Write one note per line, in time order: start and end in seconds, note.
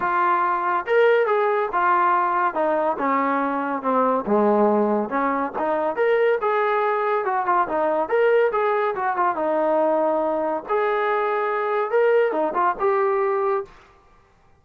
0.00 0.85 F4
0.86 1.26 A#4
1.26 1.69 G#4
1.72 2.54 F4
2.54 2.97 D#4
2.98 3.82 C#4
3.82 4.24 C4
4.26 5.09 G#3
5.09 5.51 C#4
5.58 5.96 D#4
5.96 6.38 A#4
6.41 7.24 G#4
7.24 7.45 F#4
7.46 7.67 F4
7.68 8.09 D#4
8.09 8.51 A#4
8.52 8.94 G#4
8.95 9.16 F#4
9.16 9.35 F4
9.35 10.63 D#4
10.68 11.90 G#4
11.90 12.32 A#4
12.32 12.53 D#4
12.54 12.75 F4
12.79 13.64 G4